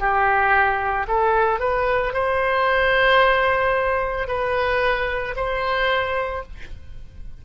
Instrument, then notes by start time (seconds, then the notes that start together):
oboe
0.00 G4
1.08 A4
1.60 B4
2.14 C5
4.28 B4
5.36 C5